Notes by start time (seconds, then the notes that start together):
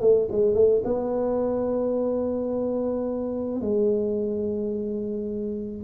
0.00 A3
0.31 G#3
0.54 A3
0.84 B3
3.61 G#3